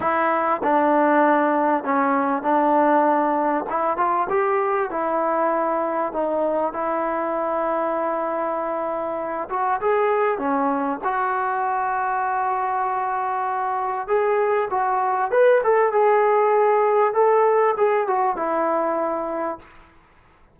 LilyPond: \new Staff \with { instrumentName = "trombone" } { \time 4/4 \tempo 4 = 98 e'4 d'2 cis'4 | d'2 e'8 f'8 g'4 | e'2 dis'4 e'4~ | e'2.~ e'8 fis'8 |
gis'4 cis'4 fis'2~ | fis'2. gis'4 | fis'4 b'8 a'8 gis'2 | a'4 gis'8 fis'8 e'2 | }